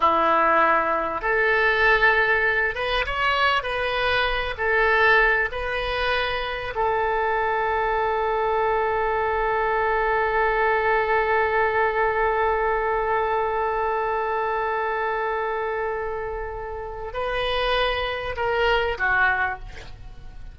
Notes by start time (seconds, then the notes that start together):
0.00 E4
1.21 A4
2.74 B4
3.06 C#5
3.62 B4
4.57 A4
5.51 B4
6.75 A4
17.13 B4
18.36 A#4
18.98 F#4